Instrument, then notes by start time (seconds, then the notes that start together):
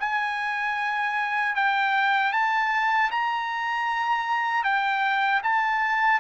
trumpet
0.00 G#5
1.55 G5
2.33 A5
3.11 A#5
4.64 G5
5.43 A5